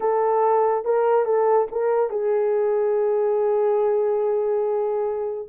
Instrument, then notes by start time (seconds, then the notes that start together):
horn
0.00 A4
0.85 A#4
1.25 A4
1.71 A#4
2.10 G#4